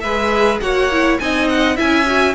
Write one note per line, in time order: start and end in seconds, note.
0.00 0.61 G#3
0.00 0.62 G#4
0.00 0.61 B4
0.00 0.58 E5
0.60 1.19 A#3
0.60 0.91 F#4
0.60 1.20 C#5
0.60 1.18 F#5
0.92 1.20 E4
1.19 1.78 C4
1.19 1.76 D#4
1.19 1.76 D#5
1.19 1.48 G#5
1.49 1.78 F#5
1.76 2.34 C#4
1.76 2.05 E4
1.76 2.34 E5
1.76 2.34 G#5
2.06 2.34 F#4